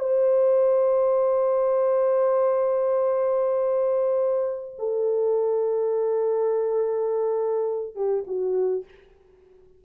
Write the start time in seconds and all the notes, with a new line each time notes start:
0.00 C5
4.79 A4
7.95 G4
8.27 F#4